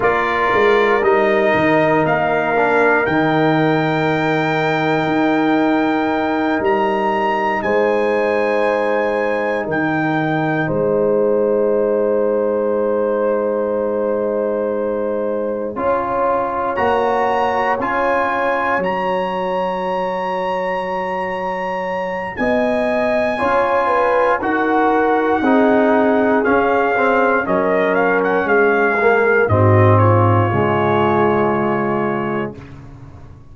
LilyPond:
<<
  \new Staff \with { instrumentName = "trumpet" } { \time 4/4 \tempo 4 = 59 d''4 dis''4 f''4 g''4~ | g''2~ g''8 ais''4 gis''8~ | gis''4. g''4 gis''4.~ | gis''1~ |
gis''8 ais''4 gis''4 ais''4.~ | ais''2 gis''2 | fis''2 f''4 dis''8 f''16 fis''16 | f''4 dis''8 cis''2~ cis''8 | }
  \new Staff \with { instrumentName = "horn" } { \time 4/4 ais'1~ | ais'2.~ ais'8 c''8~ | c''4. ais'4 c''4.~ | c''2.~ c''8 cis''8~ |
cis''1~ | cis''2 dis''4 cis''8 b'8 | ais'4 gis'2 ais'4 | gis'4 fis'8 f'2~ f'8 | }
  \new Staff \with { instrumentName = "trombone" } { \time 4/4 f'4 dis'4. d'8 dis'4~ | dis'1~ | dis'1~ | dis'2.~ dis'8 f'8~ |
f'8 fis'4 f'4 fis'4.~ | fis'2. f'4 | fis'4 dis'4 cis'8 c'8 cis'4~ | cis'8 ais8 c'4 gis2 | }
  \new Staff \with { instrumentName = "tuba" } { \time 4/4 ais8 gis8 g8 dis8 ais4 dis4~ | dis4 dis'4. g4 gis8~ | gis4. dis4 gis4.~ | gis2.~ gis8 cis'8~ |
cis'8 ais4 cis'4 fis4.~ | fis2 b4 cis'4 | dis'4 c'4 cis'4 fis4 | gis4 gis,4 cis2 | }
>>